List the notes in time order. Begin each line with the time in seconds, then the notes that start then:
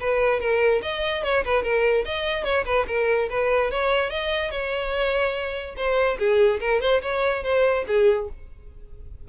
0.00 B4
0.40 A#4
0.82 D#5
1.23 C#5
1.44 B4
1.63 A#4
2.05 D#5
2.44 C#5
2.65 B4
2.87 A#4
3.30 B4
3.71 C#5
4.10 D#5
4.51 C#5
5.76 C5
6.18 G#4
6.60 A#4
6.81 C5
7.02 C#5
7.43 C5
7.87 G#4